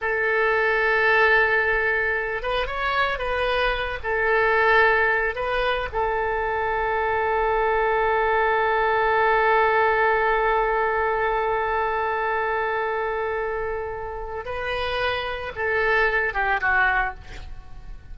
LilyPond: \new Staff \with { instrumentName = "oboe" } { \time 4/4 \tempo 4 = 112 a'1~ | a'8 b'8 cis''4 b'4. a'8~ | a'2 b'4 a'4~ | a'1~ |
a'1~ | a'1~ | a'2. b'4~ | b'4 a'4. g'8 fis'4 | }